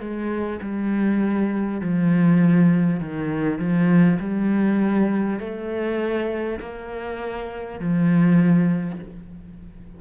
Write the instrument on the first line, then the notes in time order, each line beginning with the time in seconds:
cello
0.00 G#3
0.62 G3
1.81 F3
3.00 D#3
3.59 F3
4.19 G3
5.40 A3
6.61 A#3
7.80 F3